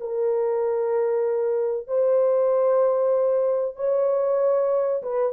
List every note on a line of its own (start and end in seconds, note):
0.00 1.87 A#4
1.87 3.76 C5
3.76 5.02 C#5
5.02 5.32 B4